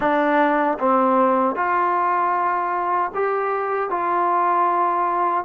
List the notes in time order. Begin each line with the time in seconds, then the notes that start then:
0.00 D4
0.78 C4
1.55 F4
3.14 G4
3.90 F4